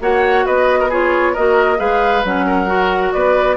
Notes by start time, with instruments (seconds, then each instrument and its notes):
0.00 bassoon A#3, clarinet F#4, oboe C#5, flute F#5
0.46 bassoon B3, oboe B4, flute D#5
0.79 oboe A#4
0.89 clarinet F4, oboe G#4, flute C#5
1.33 bassoon A#3, clarinet F#4, oboe A#4, flute D#5
1.77 bassoon G#3, clarinet G#4, oboe B4, flute F5
2.24 bassoon F#3, clarinet C#4, flute F#5
2.46 oboe A#4
2.66 clarinet F#4
3.12 bassoon B3, oboe B4, flute D5